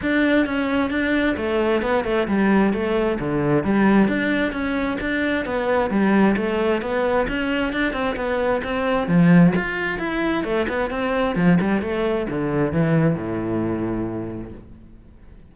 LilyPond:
\new Staff \with { instrumentName = "cello" } { \time 4/4 \tempo 4 = 132 d'4 cis'4 d'4 a4 | b8 a8 g4 a4 d4 | g4 d'4 cis'4 d'4 | b4 g4 a4 b4 |
cis'4 d'8 c'8 b4 c'4 | f4 f'4 e'4 a8 b8 | c'4 f8 g8 a4 d4 | e4 a,2. | }